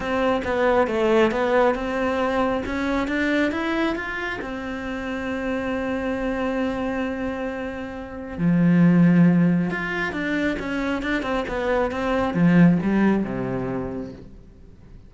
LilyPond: \new Staff \with { instrumentName = "cello" } { \time 4/4 \tempo 4 = 136 c'4 b4 a4 b4 | c'2 cis'4 d'4 | e'4 f'4 c'2~ | c'1~ |
c'2. f4~ | f2 f'4 d'4 | cis'4 d'8 c'8 b4 c'4 | f4 g4 c2 | }